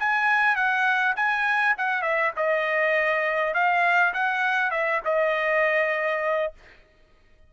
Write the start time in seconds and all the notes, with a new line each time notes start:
0.00 G#5
0.56 F#5
1.17 G#5
1.78 F#5
2.03 E5
2.37 D#5
3.54 F5
4.14 F#5
4.71 E5
5.05 D#5